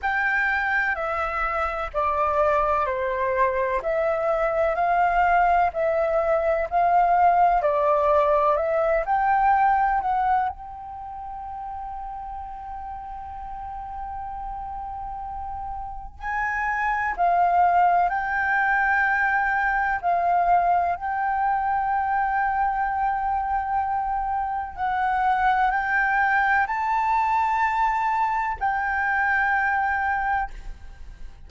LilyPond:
\new Staff \with { instrumentName = "flute" } { \time 4/4 \tempo 4 = 63 g''4 e''4 d''4 c''4 | e''4 f''4 e''4 f''4 | d''4 e''8 g''4 fis''8 g''4~ | g''1~ |
g''4 gis''4 f''4 g''4~ | g''4 f''4 g''2~ | g''2 fis''4 g''4 | a''2 g''2 | }